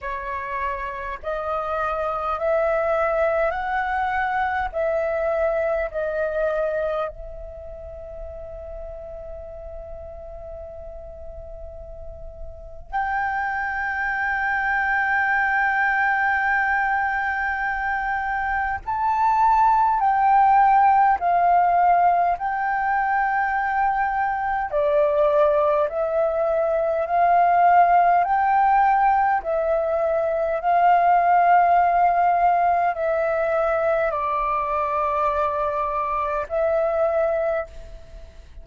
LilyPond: \new Staff \with { instrumentName = "flute" } { \time 4/4 \tempo 4 = 51 cis''4 dis''4 e''4 fis''4 | e''4 dis''4 e''2~ | e''2. g''4~ | g''1 |
a''4 g''4 f''4 g''4~ | g''4 d''4 e''4 f''4 | g''4 e''4 f''2 | e''4 d''2 e''4 | }